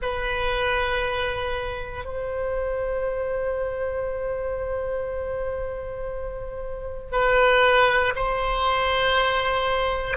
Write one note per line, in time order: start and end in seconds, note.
0.02 2.04 B4
2.04 7.12 C5
7.12 8.14 B4
8.15 10.17 C5